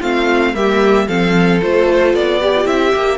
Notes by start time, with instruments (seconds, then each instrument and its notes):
0.00 cello A3, viola C4, violin F4 F5
0.54 cello G3, viola A#3, violin G4 E5
1.07 cello F3, viola C4, violin A4 F5
1.61 cello A3, viola F4, violin C5
2.14 cello B3, violin D5
2.40 viola G4, violin G4
2.56 viola F4
2.65 cello C4, viola E4, violin E5
2.94 cello A#3, viola G4